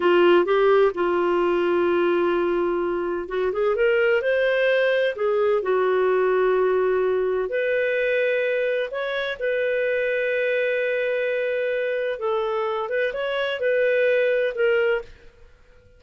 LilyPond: \new Staff \with { instrumentName = "clarinet" } { \time 4/4 \tempo 4 = 128 f'4 g'4 f'2~ | f'2. fis'8 gis'8 | ais'4 c''2 gis'4 | fis'1 |
b'2. cis''4 | b'1~ | b'2 a'4. b'8 | cis''4 b'2 ais'4 | }